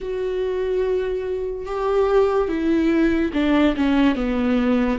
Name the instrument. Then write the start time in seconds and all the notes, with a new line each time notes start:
viola
0.00 F#4
1.66 G4
2.48 E4
3.33 D4
3.76 C#4
4.15 B3